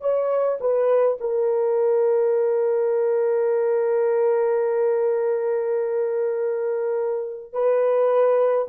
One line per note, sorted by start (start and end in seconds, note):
0.00 0.58 C#5
0.60 1.17 B4
1.20 7.53 A#4
7.53 8.68 B4